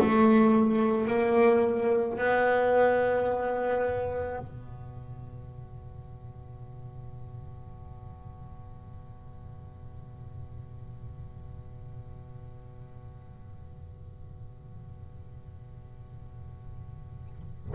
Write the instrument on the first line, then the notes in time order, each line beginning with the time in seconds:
double bass
0.00 A3
1.08 A#3
2.18 B3
4.39 B2